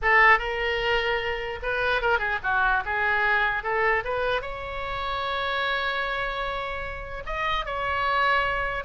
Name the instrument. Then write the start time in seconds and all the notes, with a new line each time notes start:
oboe
0.02 A4
0.39 A#4
1.62 B4
2.01 A#4
2.18 G#4
2.43 F#4
2.85 G#4
3.63 A4
4.04 B4
4.41 C#5
7.26 D#5
7.65 C#5